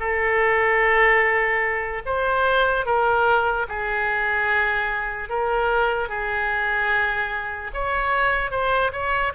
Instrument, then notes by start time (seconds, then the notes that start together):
oboe
0.00 A4
2.06 C5
2.86 A#4
3.69 G#4
5.30 A#4
6.09 G#4
7.74 C#5
8.51 C5
8.93 C#5